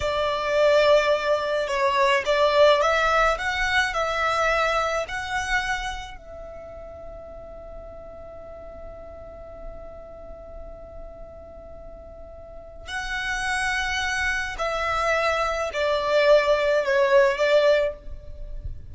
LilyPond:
\new Staff \with { instrumentName = "violin" } { \time 4/4 \tempo 4 = 107 d''2. cis''4 | d''4 e''4 fis''4 e''4~ | e''4 fis''2 e''4~ | e''1~ |
e''1~ | e''2. fis''4~ | fis''2 e''2 | d''2 cis''4 d''4 | }